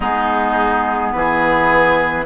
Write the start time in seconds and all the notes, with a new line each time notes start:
0.00 G#3 B3 D#4 G#4
1.12 E3 G#4 B4